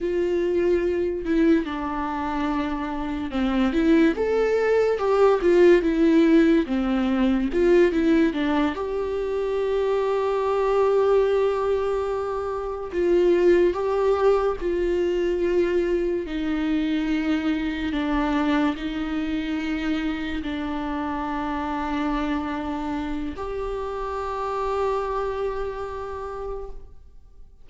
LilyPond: \new Staff \with { instrumentName = "viola" } { \time 4/4 \tempo 4 = 72 f'4. e'8 d'2 | c'8 e'8 a'4 g'8 f'8 e'4 | c'4 f'8 e'8 d'8 g'4.~ | g'2.~ g'8 f'8~ |
f'8 g'4 f'2 dis'8~ | dis'4. d'4 dis'4.~ | dis'8 d'2.~ d'8 | g'1 | }